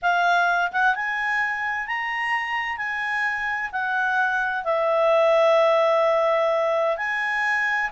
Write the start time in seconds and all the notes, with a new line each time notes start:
0.01 F5
0.71 F#5
0.95 G#5
1.87 A#5
2.77 G#5
3.71 F#5
4.64 E5
6.97 G#5